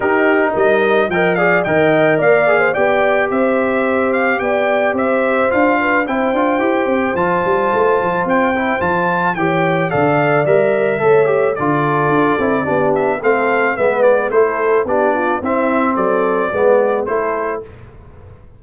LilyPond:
<<
  \new Staff \with { instrumentName = "trumpet" } { \time 4/4 \tempo 4 = 109 ais'4 dis''4 g''8 f''8 g''4 | f''4 g''4 e''4. f''8 | g''4 e''4 f''4 g''4~ | g''4 a''2 g''4 |
a''4 g''4 f''4 e''4~ | e''4 d''2~ d''8 e''8 | f''4 e''8 d''8 c''4 d''4 | e''4 d''2 c''4 | }
  \new Staff \with { instrumentName = "horn" } { \time 4/4 g'4 ais'4 dis''8 d''8 dis''4 | d''8. c''16 d''4 c''2 | d''4 c''4. b'8 c''4~ | c''1~ |
c''4 cis''4 d''2 | cis''4 a'2 g'4 | a'4 b'4 a'4 g'8 f'8 | e'4 a'4 b'4 a'4 | }
  \new Staff \with { instrumentName = "trombone" } { \time 4/4 dis'2 ais'8 gis'8 ais'4~ | ais'8 gis'8 g'2.~ | g'2 f'4 e'8 f'8 | g'4 f'2~ f'8 e'8 |
f'4 g'4 a'4 ais'4 | a'8 g'8 f'4. e'8 d'4 | c'4 b4 e'4 d'4 | c'2 b4 e'4 | }
  \new Staff \with { instrumentName = "tuba" } { \time 4/4 dis'4 g4 f4 dis4 | ais4 b4 c'2 | b4 c'4 d'4 c'8 d'8 | e'8 c'8 f8 g8 a8 f8 c'4 |
f4 e4 d4 g4 | a4 d4 d'8 c'8 b4 | a4 gis4 a4 b4 | c'4 fis4 gis4 a4 | }
>>